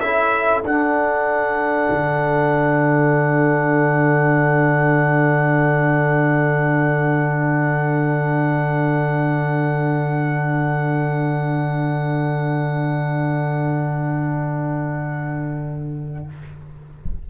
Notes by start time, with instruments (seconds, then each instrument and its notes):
0.00 tuba C#4, trombone E4, horn A4, trumpet E5
0.64 tuba D4, trombone D4, trumpet F#5
1.90 tuba D3